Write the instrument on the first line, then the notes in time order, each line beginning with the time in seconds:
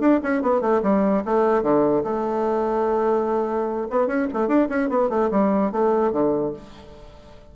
bassoon
0.00 D4
0.23 C#4
0.43 B3
0.61 A3
0.83 G3
1.25 A3
1.63 D3
2.04 A3
3.91 B3
4.07 C#4
4.34 A3
4.48 D4
4.69 C#4
4.90 B3
5.10 A3
5.31 G3
5.72 A3
6.12 D3